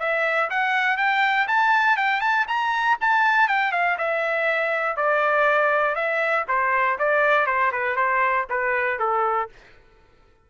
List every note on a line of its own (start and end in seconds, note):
0.00 0.50 E5
0.50 0.97 F#5
0.97 1.47 G5
1.48 1.97 A5
1.97 2.21 G5
2.21 2.46 A5
2.48 2.98 A#5
3.01 3.49 A5
3.49 3.73 G5
3.73 3.98 F5
3.98 4.97 E5
4.97 5.96 D5
5.96 6.46 E5
6.48 6.98 C5
6.99 7.47 D5
7.47 7.72 C5
7.72 7.96 B4
7.96 8.46 C5
8.50 9.00 B4
9.00 9.50 A4